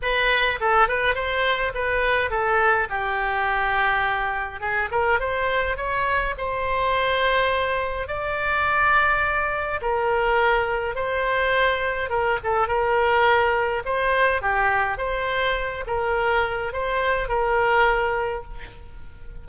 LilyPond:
\new Staff \with { instrumentName = "oboe" } { \time 4/4 \tempo 4 = 104 b'4 a'8 b'8 c''4 b'4 | a'4 g'2. | gis'8 ais'8 c''4 cis''4 c''4~ | c''2 d''2~ |
d''4 ais'2 c''4~ | c''4 ais'8 a'8 ais'2 | c''4 g'4 c''4. ais'8~ | ais'4 c''4 ais'2 | }